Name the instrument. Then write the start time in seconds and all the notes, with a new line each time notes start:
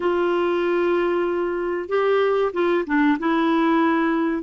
clarinet
0.00 F4
1.89 G4
2.53 F4
2.86 D4
3.19 E4